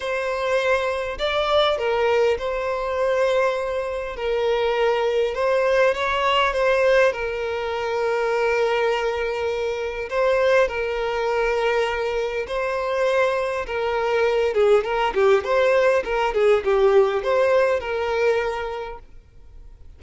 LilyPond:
\new Staff \with { instrumentName = "violin" } { \time 4/4 \tempo 4 = 101 c''2 d''4 ais'4 | c''2. ais'4~ | ais'4 c''4 cis''4 c''4 | ais'1~ |
ais'4 c''4 ais'2~ | ais'4 c''2 ais'4~ | ais'8 gis'8 ais'8 g'8 c''4 ais'8 gis'8 | g'4 c''4 ais'2 | }